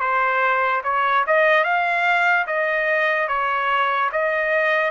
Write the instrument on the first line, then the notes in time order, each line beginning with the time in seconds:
trumpet
0.00 C5
0.84 C#5
1.27 D#5
1.64 F5
2.47 D#5
3.28 C#5
4.12 D#5